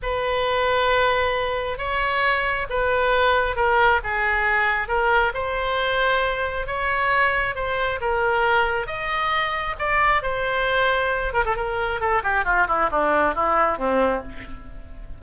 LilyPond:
\new Staff \with { instrumentName = "oboe" } { \time 4/4 \tempo 4 = 135 b'1 | cis''2 b'2 | ais'4 gis'2 ais'4 | c''2. cis''4~ |
cis''4 c''4 ais'2 | dis''2 d''4 c''4~ | c''4. ais'16 a'16 ais'4 a'8 g'8 | f'8 e'8 d'4 e'4 c'4 | }